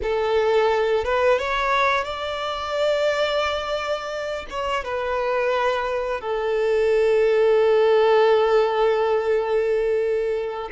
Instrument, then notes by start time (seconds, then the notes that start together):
violin
0.02 A4
1.04 B4
1.38 C#5
2.04 D5
4.50 C#5
4.84 B4
6.21 A4